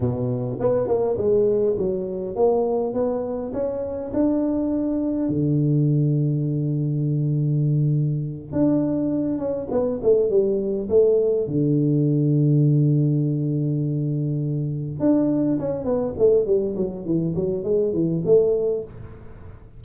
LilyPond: \new Staff \with { instrumentName = "tuba" } { \time 4/4 \tempo 4 = 102 b,4 b8 ais8 gis4 fis4 | ais4 b4 cis'4 d'4~ | d'4 d2.~ | d2~ d8 d'4. |
cis'8 b8 a8 g4 a4 d8~ | d1~ | d4. d'4 cis'8 b8 a8 | g8 fis8 e8 fis8 gis8 e8 a4 | }